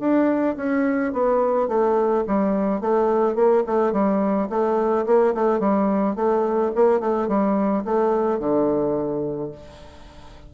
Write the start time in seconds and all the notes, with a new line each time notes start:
0.00 D4
0.57 C#4
1.13 B3
1.68 A3
2.28 G3
2.81 A3
3.36 A#3
3.67 A3
3.93 G3
4.50 A3
5.06 A#3
5.35 A3
5.60 G3
6.16 A3
6.76 A#3
7.01 A3
7.28 G3
7.85 A3
8.40 D3